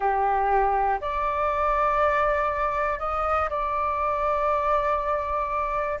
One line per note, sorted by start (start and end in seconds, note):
0.00 0.99 G4
1.00 2.99 D5
2.99 3.49 D#5
3.49 5.99 D5